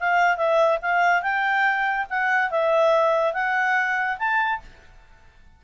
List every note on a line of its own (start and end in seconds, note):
0.00 0.37 F5
0.37 0.79 E5
0.82 1.22 F5
1.22 2.06 G5
2.10 2.51 F#5
2.51 3.34 E5
3.34 4.17 F#5
4.19 4.61 A5